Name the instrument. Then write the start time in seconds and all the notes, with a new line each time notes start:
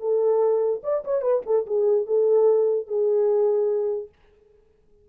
horn
0.00 A4
0.83 D5
1.04 C#5
1.22 B4
1.46 A4
1.66 G#4
2.07 A4
2.87 G#4